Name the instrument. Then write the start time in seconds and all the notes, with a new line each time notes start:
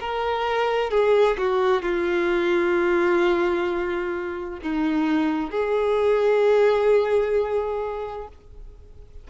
violin
0.00 A#4
0.91 G#4
1.38 F#4
1.82 F4
4.62 D#4
5.50 G#4